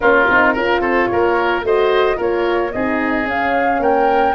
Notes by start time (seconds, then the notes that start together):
0.00 A#3 C#4 F4 A#4
0.28 C4 D#4
0.53 C#4 F4 A#4
0.79 C4 A4 C5
1.06 A#3 A#4 C#5
1.62 A3 F#4 C5 D#5
2.15 A#3 F4 A#4 C#5
2.72 C4 D#4 G#4 D#5
3.25 C#4 F5
3.79 A#3 A#4 G5